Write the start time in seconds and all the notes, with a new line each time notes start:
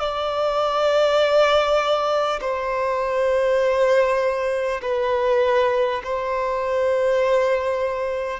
0.00 D5
2.42 C5
4.82 B4
6.04 C5